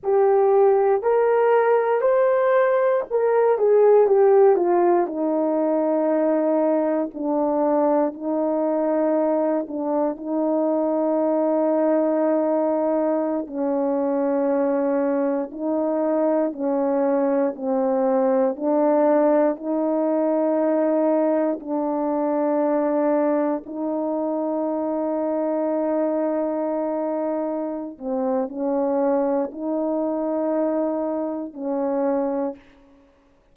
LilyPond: \new Staff \with { instrumentName = "horn" } { \time 4/4 \tempo 4 = 59 g'4 ais'4 c''4 ais'8 gis'8 | g'8 f'8 dis'2 d'4 | dis'4. d'8 dis'2~ | dis'4~ dis'16 cis'2 dis'8.~ |
dis'16 cis'4 c'4 d'4 dis'8.~ | dis'4~ dis'16 d'2 dis'8.~ | dis'2.~ dis'8 c'8 | cis'4 dis'2 cis'4 | }